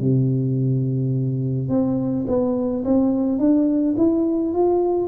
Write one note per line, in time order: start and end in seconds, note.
0.00 1.69 C3
1.69 2.26 C4
2.27 2.84 B3
2.85 3.39 C4
3.39 3.95 D4
3.98 4.54 E4
4.54 5.08 F4